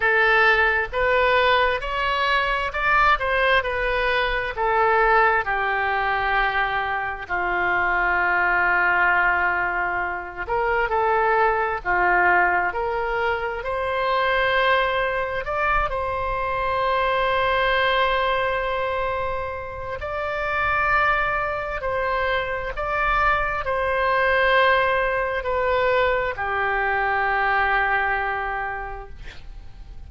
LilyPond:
\new Staff \with { instrumentName = "oboe" } { \time 4/4 \tempo 4 = 66 a'4 b'4 cis''4 d''8 c''8 | b'4 a'4 g'2 | f'2.~ f'8 ais'8 | a'4 f'4 ais'4 c''4~ |
c''4 d''8 c''2~ c''8~ | c''2 d''2 | c''4 d''4 c''2 | b'4 g'2. | }